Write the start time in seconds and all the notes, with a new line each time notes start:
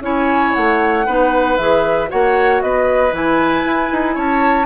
0.00 C#4 E4 C#5 G#5
0.54 A3 F#5
1.06 B3 D#4 B4
1.57 E3 G#4 E5
2.09 A#3 F#4 C#5 F#5
2.62 B3 B4 D#5
3.11 E3 E4 G#5
3.65 E4
3.91 D#4
4.15 C#4 C#5 A5